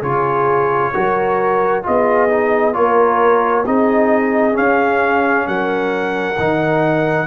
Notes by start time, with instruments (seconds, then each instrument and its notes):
0.00 tuba C#3, trombone F4, horn G#4, trumpet C#5
0.94 tuba F#3, trombone F#4, horn A#4
1.84 tuba B3, trombone F4, horn G#4, trumpet D#5
2.29 trombone D#4
2.74 tuba A#3, trombone F4, horn A#4, trumpet C#5
3.65 tuba C4, trombone D#4, horn G#4, trumpet D#5
4.53 trombone C#4, tuba C#4, trumpet F5
5.47 tuba F#3, horn A#4, trumpet F#5
6.39 tuba D#3, trombone D#4